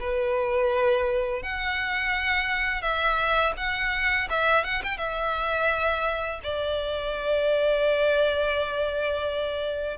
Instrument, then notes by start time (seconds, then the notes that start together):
violin
0.00 B4
1.43 F#5
2.82 E5
3.57 F#5
4.30 E5
4.65 F#5
4.83 G5
4.98 E5
6.44 D5